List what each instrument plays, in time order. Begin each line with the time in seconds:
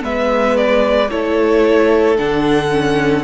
0.00 cello G#3, viola B3, violin B4 E5
0.57 violin D5
1.10 cello A3, viola E4, violin A4 C#5
2.18 cello D3, viola D4, violin F#5
2.71 viola C#4